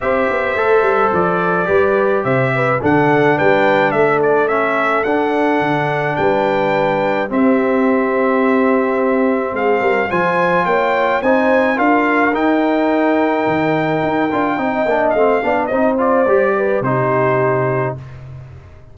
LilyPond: <<
  \new Staff \with { instrumentName = "trumpet" } { \time 4/4 \tempo 4 = 107 e''2 d''2 | e''4 fis''4 g''4 e''8 d''8 | e''4 fis''2 g''4~ | g''4 e''2.~ |
e''4 f''4 gis''4 g''4 | gis''4 f''4 g''2~ | g''2. f''4 | dis''8 d''4. c''2 | }
  \new Staff \with { instrumentName = "horn" } { \time 4/4 c''2. b'4 | c''8 b'8 a'4 b'4 a'4~ | a'2. b'4~ | b'4 g'2.~ |
g'4 gis'8 ais'8 c''4 cis''4 | c''4 ais'2.~ | ais'2 dis''4. d''8 | c''4. b'8 g'2 | }
  \new Staff \with { instrumentName = "trombone" } { \time 4/4 g'4 a'2 g'4~ | g'4 d'2. | cis'4 d'2.~ | d'4 c'2.~ |
c'2 f'2 | dis'4 f'4 dis'2~ | dis'4. f'8 dis'8 d'8 c'8 d'8 | dis'8 f'8 g'4 dis'2 | }
  \new Staff \with { instrumentName = "tuba" } { \time 4/4 c'8 b8 a8 g8 f4 g4 | c4 d4 g4 a4~ | a4 d'4 d4 g4~ | g4 c'2.~ |
c'4 gis8 g8 f4 ais4 | c'4 d'4 dis'2 | dis4 dis'8 d'8 c'8 ais8 a8 b8 | c'4 g4 c2 | }
>>